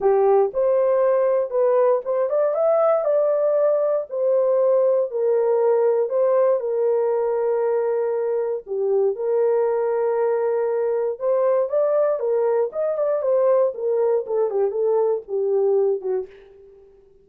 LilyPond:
\new Staff \with { instrumentName = "horn" } { \time 4/4 \tempo 4 = 118 g'4 c''2 b'4 | c''8 d''8 e''4 d''2 | c''2 ais'2 | c''4 ais'2.~ |
ais'4 g'4 ais'2~ | ais'2 c''4 d''4 | ais'4 dis''8 d''8 c''4 ais'4 | a'8 g'8 a'4 g'4. fis'8 | }